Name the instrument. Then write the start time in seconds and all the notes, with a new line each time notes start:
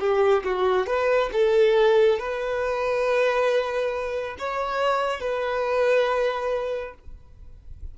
violin
0.00 G4
0.44 F#4
0.87 B4
1.33 A4
2.19 B4
4.39 C#5
5.20 B4